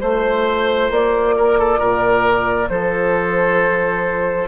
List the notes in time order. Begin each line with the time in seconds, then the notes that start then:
0.00 A3 F4 C5
0.90 A#3 D5
1.37 A#4
1.58 A4
1.79 A#2 A#4
2.69 F3 A4 C5